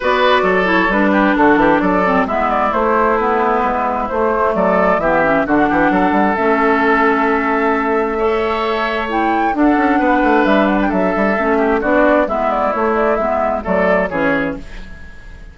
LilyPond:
<<
  \new Staff \with { instrumentName = "flute" } { \time 4/4 \tempo 4 = 132 d''4. cis''8 b'4 a'4 | d''4 e''8 d''8 c''4 b'4~ | b'4 c''4 d''4 e''4 | fis''2 e''2~ |
e''1 | g''4 fis''2 e''8 fis''16 g''16 | e''2 d''4 e''8 d''8 | cis''8 d''8 e''4 d''4 cis''4 | }
  \new Staff \with { instrumentName = "oboe" } { \time 4/4 b'4 a'4. g'8 fis'8 g'8 | a'4 e'2.~ | e'2 a'4 g'4 | fis'8 g'8 a'2.~ |
a'2 cis''2~ | cis''4 a'4 b'2 | a'4. g'8 fis'4 e'4~ | e'2 a'4 gis'4 | }
  \new Staff \with { instrumentName = "clarinet" } { \time 4/4 fis'4. e'8 d'2~ | d'8 c'8 b4 a4 b4~ | b4 a2 b8 cis'8 | d'2 cis'2~ |
cis'2 a'2 | e'4 d'2.~ | d'4 cis'4 d'4 b4 | a4 b4 a4 cis'4 | }
  \new Staff \with { instrumentName = "bassoon" } { \time 4/4 b4 fis4 g4 d8 e8 | fis4 gis4 a2 | gis4 a4 fis4 e4 | d8 e8 fis8 g8 a2~ |
a1~ | a4 d'8 cis'8 b8 a8 g4 | fis8 g8 a4 b4 gis4 | a4 gis4 fis4 e4 | }
>>